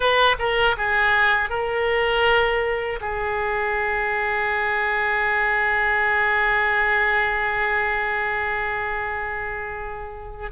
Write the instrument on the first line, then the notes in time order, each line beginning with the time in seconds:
oboe
0.00 B4
0.38 A#4
0.77 G#4
1.49 A#4
3.00 G#4